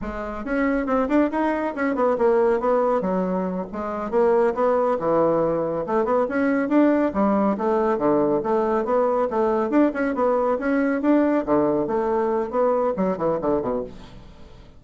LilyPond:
\new Staff \with { instrumentName = "bassoon" } { \time 4/4 \tempo 4 = 139 gis4 cis'4 c'8 d'8 dis'4 | cis'8 b8 ais4 b4 fis4~ | fis8 gis4 ais4 b4 e8~ | e4. a8 b8 cis'4 d'8~ |
d'8 g4 a4 d4 a8~ | a8 b4 a4 d'8 cis'8 b8~ | b8 cis'4 d'4 d4 a8~ | a4 b4 fis8 e8 d8 b,8 | }